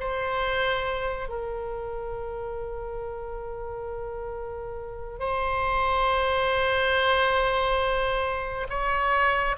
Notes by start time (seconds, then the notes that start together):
0.00 C5
1.29 A#4
5.20 C5
8.70 C#5